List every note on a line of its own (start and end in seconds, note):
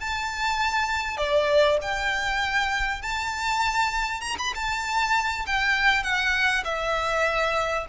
0.00 1.17 A5
1.17 1.78 D5
1.82 3.02 G5
3.02 4.21 A5
4.21 4.36 A#5
4.39 4.54 B5
4.55 5.46 A5
5.46 6.03 G5
6.03 6.64 F#5
6.65 7.86 E5